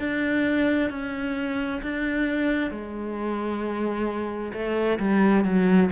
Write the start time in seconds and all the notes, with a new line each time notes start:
0.00 D4
0.90 C#4
1.83 D4
2.71 G#3
4.54 A3
5.00 G3
5.45 F#3